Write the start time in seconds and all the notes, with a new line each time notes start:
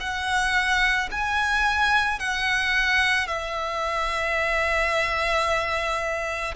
0.00 F#5
1.12 G#5
2.20 F#5
3.27 E5